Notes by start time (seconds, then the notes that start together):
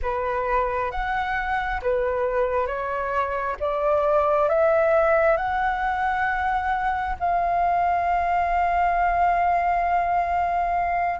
0.02 B4
0.91 F#5
1.82 B4
2.66 C#5
3.59 D5
4.48 E5
5.36 F#5
7.19 F5